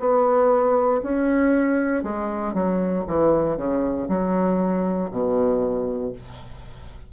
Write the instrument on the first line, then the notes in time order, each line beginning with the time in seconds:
bassoon
0.00 B3
1.03 C#4
2.04 G#3
2.54 F#3
3.08 E3
3.57 C#3
4.09 F#3
5.11 B2